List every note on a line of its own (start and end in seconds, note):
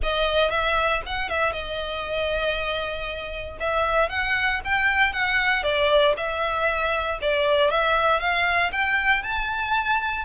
0.02 0.50 D#5
0.50 1.01 E5
1.06 1.29 F#5
1.29 1.52 E5
1.52 3.57 D#5
3.59 4.09 E5
4.09 4.60 F#5
4.64 5.12 G5
5.12 5.63 F#5
5.63 6.14 D5
6.16 7.19 E5
7.21 7.70 D5
7.70 8.19 E5
8.19 8.71 F5
8.72 9.22 G5
9.22 10.24 A5